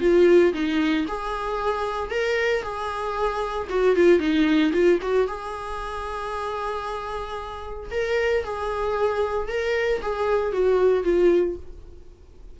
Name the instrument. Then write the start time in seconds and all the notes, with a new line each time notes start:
viola
0.00 F4
0.53 D#4
1.07 G#4
2.10 A#4
2.62 G#4
3.69 F#4
3.96 F4
4.19 D#4
4.72 F4
5.01 F#4
5.27 G#4
7.91 A#4
8.44 G#4
9.48 A#4
10.01 G#4
10.52 F#4
11.03 F4